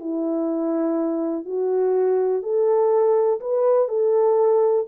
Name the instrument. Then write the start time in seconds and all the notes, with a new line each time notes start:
horn
0.00 E4
1.45 F#4
2.42 A4
3.40 B4
3.88 A4